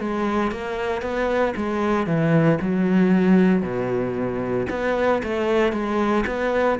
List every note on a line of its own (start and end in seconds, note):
0.00 0.51 G#3
0.51 1.02 A#3
1.02 1.54 B3
1.56 2.07 G#3
2.07 2.59 E3
2.61 3.62 F#3
3.62 4.66 B2
4.70 5.22 B3
5.23 5.72 A3
5.72 6.25 G#3
6.27 6.79 B3